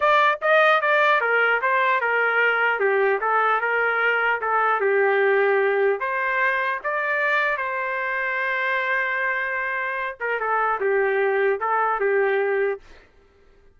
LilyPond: \new Staff \with { instrumentName = "trumpet" } { \time 4/4 \tempo 4 = 150 d''4 dis''4 d''4 ais'4 | c''4 ais'2 g'4 | a'4 ais'2 a'4 | g'2. c''4~ |
c''4 d''2 c''4~ | c''1~ | c''4. ais'8 a'4 g'4~ | g'4 a'4 g'2 | }